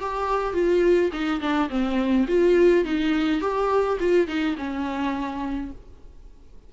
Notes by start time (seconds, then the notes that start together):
0.00 G4
0.54 F4
1.12 D#4
1.41 D4
1.69 C4
2.28 F4
2.85 D#4
3.41 G4
3.99 F4
4.27 D#4
4.57 C#4